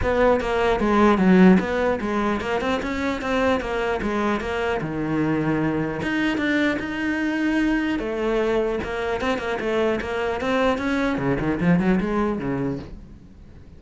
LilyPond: \new Staff \with { instrumentName = "cello" } { \time 4/4 \tempo 4 = 150 b4 ais4 gis4 fis4 | b4 gis4 ais8 c'8 cis'4 | c'4 ais4 gis4 ais4 | dis2. dis'4 |
d'4 dis'2. | a2 ais4 c'8 ais8 | a4 ais4 c'4 cis'4 | cis8 dis8 f8 fis8 gis4 cis4 | }